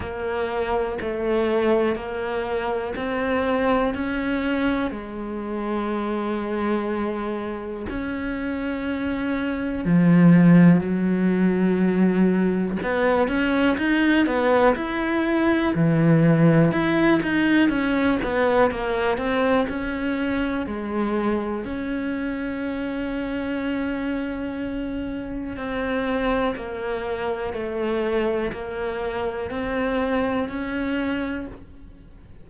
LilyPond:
\new Staff \with { instrumentName = "cello" } { \time 4/4 \tempo 4 = 61 ais4 a4 ais4 c'4 | cis'4 gis2. | cis'2 f4 fis4~ | fis4 b8 cis'8 dis'8 b8 e'4 |
e4 e'8 dis'8 cis'8 b8 ais8 c'8 | cis'4 gis4 cis'2~ | cis'2 c'4 ais4 | a4 ais4 c'4 cis'4 | }